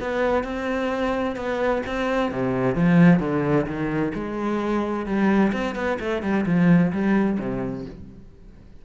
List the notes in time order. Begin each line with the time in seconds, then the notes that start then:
0.00 B3
0.44 C4
1.36 B3
1.87 C4
2.32 C3
2.75 F3
3.20 D3
3.67 D#3
4.15 G#3
5.06 G3
5.53 C4
5.75 B3
6.00 A3
6.22 G3
6.46 F3
6.93 G3
7.39 C3